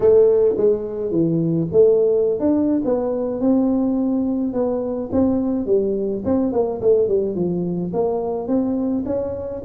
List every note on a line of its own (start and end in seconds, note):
0.00 0.55 A3
0.57 1.11 G#3
1.11 1.67 E3
1.71 2.39 A3
2.39 2.82 D4
2.85 3.40 B3
3.40 4.53 C4
4.53 5.09 B3
5.12 5.66 C4
5.66 6.22 G3
6.24 6.52 C4
6.52 6.80 A#3
6.81 7.08 A3
7.08 7.35 G3
7.35 7.91 F3
7.93 8.47 A#3
8.47 9.04 C4
9.05 9.62 C#4